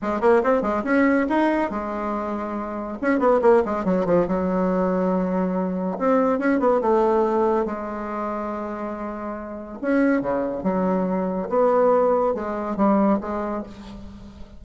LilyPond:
\new Staff \with { instrumentName = "bassoon" } { \time 4/4 \tempo 4 = 141 gis8 ais8 c'8 gis8 cis'4 dis'4 | gis2. cis'8 b8 | ais8 gis8 fis8 f8 fis2~ | fis2 c'4 cis'8 b8 |
a2 gis2~ | gis2. cis'4 | cis4 fis2 b4~ | b4 gis4 g4 gis4 | }